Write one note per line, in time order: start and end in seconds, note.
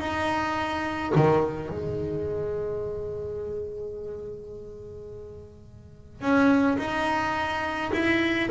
0.00 1.13 D#4
1.16 1.70 D#3
1.70 6.21 G#3
6.21 6.78 C#4
6.78 7.91 D#4
7.93 8.50 E4